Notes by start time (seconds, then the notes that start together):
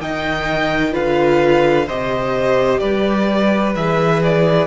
0.00 D#3 D#4 D#5 G5
0.91 D3 F4 B4 F5
1.86 C3 G4 C5 D#5
2.79 G3 B4 D5
3.75 E3 G#4 E5
4.23 D5